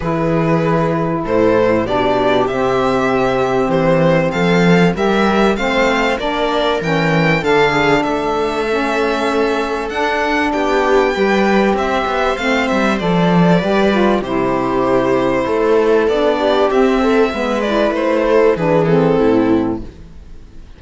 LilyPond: <<
  \new Staff \with { instrumentName = "violin" } { \time 4/4 \tempo 4 = 97 b'2 c''4 d''4 | e''2 c''4 f''4 | e''4 f''4 d''4 g''4 | f''4 e''2. |
fis''4 g''2 e''4 | f''8 e''8 d''2 c''4~ | c''2 d''4 e''4~ | e''8 d''8 c''4 b'8 a'4. | }
  \new Staff \with { instrumentName = "viola" } { \time 4/4 gis'2 a'4 g'4~ | g'2. a'4 | ais'4 c''4 ais'2 | a'8 gis'8 a'2.~ |
a'4 g'4 b'4 c''4~ | c''2 b'4 g'4~ | g'4 a'4. g'4 a'8 | b'4. a'8 gis'4 e'4 | }
  \new Staff \with { instrumentName = "saxophone" } { \time 4/4 e'2. d'4 | c'1 | g'4 c'4 d'4 cis'4 | d'2 cis'2 |
d'2 g'2 | c'4 a'4 g'8 f'8 e'4~ | e'2 d'4 c'4 | b8 e'4. d'8 c'4. | }
  \new Staff \with { instrumentName = "cello" } { \time 4/4 e2 a,4 b,4 | c2 e4 f4 | g4 a4 ais4 e4 | d4 a2. |
d'4 b4 g4 c'8 b8 | a8 g8 f4 g4 c4~ | c4 a4 b4 c'4 | gis4 a4 e4 a,4 | }
>>